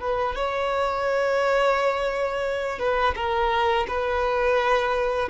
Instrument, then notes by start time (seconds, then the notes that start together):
violin
0.00 B4
0.35 C#5
2.79 B4
3.16 A#4
3.88 B4